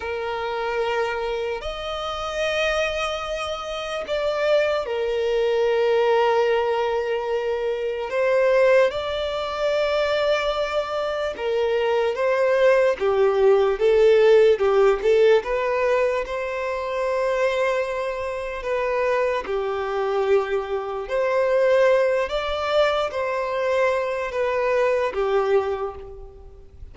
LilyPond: \new Staff \with { instrumentName = "violin" } { \time 4/4 \tempo 4 = 74 ais'2 dis''2~ | dis''4 d''4 ais'2~ | ais'2 c''4 d''4~ | d''2 ais'4 c''4 |
g'4 a'4 g'8 a'8 b'4 | c''2. b'4 | g'2 c''4. d''8~ | d''8 c''4. b'4 g'4 | }